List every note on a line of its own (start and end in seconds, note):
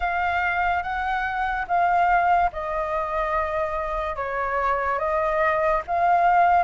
0.00 0.83 F5
0.83 1.66 F#5
1.67 2.50 F5
2.52 4.16 D#5
4.16 4.98 C#5
4.98 5.82 D#5
5.87 6.63 F5